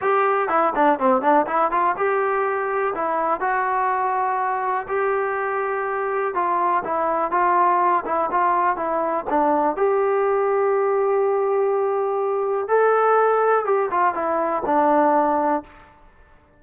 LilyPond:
\new Staff \with { instrumentName = "trombone" } { \time 4/4 \tempo 4 = 123 g'4 e'8 d'8 c'8 d'8 e'8 f'8 | g'2 e'4 fis'4~ | fis'2 g'2~ | g'4 f'4 e'4 f'4~ |
f'8 e'8 f'4 e'4 d'4 | g'1~ | g'2 a'2 | g'8 f'8 e'4 d'2 | }